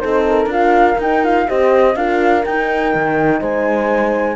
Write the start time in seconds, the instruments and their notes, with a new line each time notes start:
0.00 cello C4, horn D#4 A4, flute C5
0.29 flute A#4
0.47 cello D4, horn F4 A#4, flute F5
0.99 cello D#4, horn D#4, flute G5
1.24 horn F4, flute F5
1.47 cello C4, horn G4 C5, flute D#5
1.96 cello D4, horn F4 A#4, flute F5
2.45 cello D#4, horn D#4, flute G5
2.95 cello D#3
3.40 cello G#3, horn C5, flute G#5